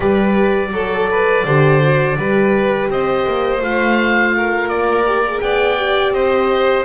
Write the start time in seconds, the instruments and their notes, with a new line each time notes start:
0.00 double bass G3, horn G4, violin B4, oboe D5
0.71 double bass F#3, violin A4, horn A4
1.10 violin B4
1.44 double bass D3, horn G4, violin C5
1.81 horn F#4
2.16 double bass G3, horn G4, violin B4
2.89 double bass C4, violin C5, oboe D#5
3.27 double bass A#3
3.60 double bass A3, horn F4, oboe F5
4.36 violin A#4
4.67 double bass A#3, oboe D5
5.06 horn G4
5.27 horn G#4
5.40 double bass B3, violin D5, oboe G5
5.77 horn G4
6.10 double bass C4, violin C5, oboe D#5